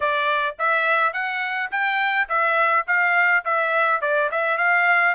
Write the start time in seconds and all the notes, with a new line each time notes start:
0.00 D5
0.58 E5
1.13 F#5
1.71 G5
2.29 E5
2.87 F5
3.44 E5
4.01 D5
4.31 E5
4.57 F5